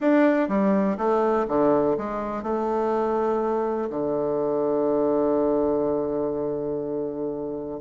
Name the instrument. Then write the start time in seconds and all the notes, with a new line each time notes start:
bassoon
0.00 D4
0.48 G3
0.97 A3
1.47 D3
1.97 G#3
2.43 A3
3.90 D3